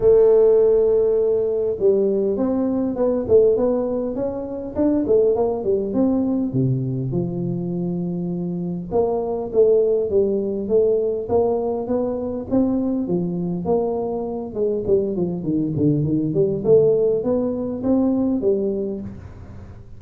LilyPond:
\new Staff \with { instrumentName = "tuba" } { \time 4/4 \tempo 4 = 101 a2. g4 | c'4 b8 a8 b4 cis'4 | d'8 a8 ais8 g8 c'4 c4 | f2. ais4 |
a4 g4 a4 ais4 | b4 c'4 f4 ais4~ | ais8 gis8 g8 f8 dis8 d8 dis8 g8 | a4 b4 c'4 g4 | }